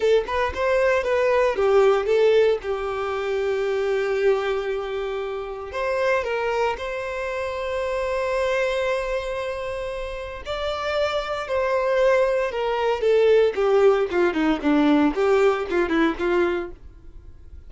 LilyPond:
\new Staff \with { instrumentName = "violin" } { \time 4/4 \tempo 4 = 115 a'8 b'8 c''4 b'4 g'4 | a'4 g'2.~ | g'2. c''4 | ais'4 c''2.~ |
c''1 | d''2 c''2 | ais'4 a'4 g'4 f'8 dis'8 | d'4 g'4 f'8 e'8 f'4 | }